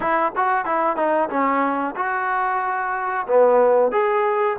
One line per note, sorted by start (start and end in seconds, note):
0.00 0.32 E4
0.36 0.65 F#4
0.65 0.96 E4
0.96 1.29 D#4
1.29 1.94 C#4
1.96 3.26 F#4
3.27 3.91 B3
3.91 4.57 G#4